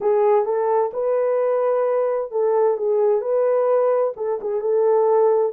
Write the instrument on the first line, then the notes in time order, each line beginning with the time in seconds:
horn
0.00 G#4
0.45 A4
0.93 B4
2.31 A4
2.77 G#4
3.21 B4
4.16 A4
4.41 G#4
4.61 A4